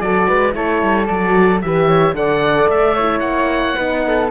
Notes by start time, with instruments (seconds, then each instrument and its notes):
0.00 cello F#3, horn F#4, flute A4, oboe D5
0.27 cello G#3, flute B4
0.52 cello A3, horn E4, flute A4, oboe C#5
0.82 cello G3
1.06 cello F#3, horn F#4, oboe D5
1.61 cello E3, horn G4, flute B4, oboe E5
1.87 flute C#5
2.13 cello D3, horn A4, flute D5, oboe F#5
2.68 cello A3, oboe E5
2.95 horn E4, flute C#5
3.20 cello A#3, oboe F#5
3.76 cello B3, horn D#4, flute B4
4.07 flute A4